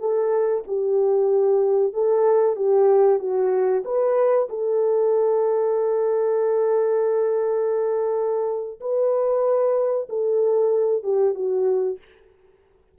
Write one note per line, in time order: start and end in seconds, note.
0.00 0.64 A4
0.68 1.94 G4
1.94 2.56 A4
2.56 3.20 G4
3.20 3.84 F#4
3.85 4.49 B4
4.50 8.81 A4
8.81 10.09 B4
10.10 11.04 A4
11.04 11.35 G4
11.35 11.99 F#4